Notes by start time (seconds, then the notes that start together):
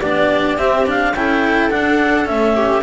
0.00 B3 D4 G4 D5
0.57 C4 E5
0.86 D4 F5
1.14 C#4 E4 A4 G5
1.71 D4 F#5
2.25 A3 C#4 E5
2.55 G4